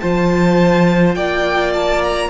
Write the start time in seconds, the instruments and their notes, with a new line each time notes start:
0.00 cello F3, viola F4, violin C5 A5
1.15 cello A#3, violin D5 G5
1.74 violin A5
2.04 violin A#5